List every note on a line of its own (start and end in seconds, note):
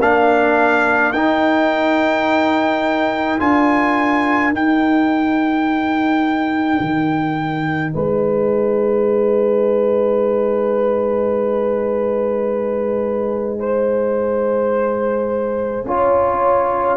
0.00 1.13 A#3
0.00 1.15 D4
0.00 7.92 A#4
0.00 1.13 F5
1.13 3.39 D#4
1.13 3.40 D#4
1.13 3.40 G5
3.40 4.53 D4
3.40 4.53 F4
3.40 4.54 G#5
4.53 15.85 D#4
4.53 6.80 D#4
4.53 7.93 G5
6.81 7.94 D#3
7.93 15.85 G#3
7.93 13.60 B4
7.93 16.97 G#5
13.60 15.86 C5
15.85 16.97 C#4
15.85 16.97 F4
15.85 16.97 C#5